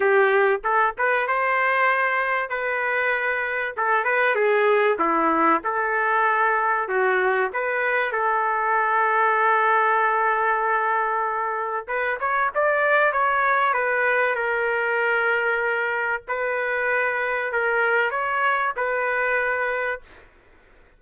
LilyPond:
\new Staff \with { instrumentName = "trumpet" } { \time 4/4 \tempo 4 = 96 g'4 a'8 b'8 c''2 | b'2 a'8 b'8 gis'4 | e'4 a'2 fis'4 | b'4 a'2.~ |
a'2. b'8 cis''8 | d''4 cis''4 b'4 ais'4~ | ais'2 b'2 | ais'4 cis''4 b'2 | }